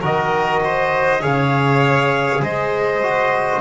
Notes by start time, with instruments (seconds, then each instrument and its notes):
0.00 double bass D#3, trombone F#4, violin A#4, trumpet D#5
0.64 violin C5
1.20 double bass C#3, trombone G#4, violin C#5, trumpet F5
2.40 double bass G#3, violin C5, trumpet D#5
3.02 trombone F#4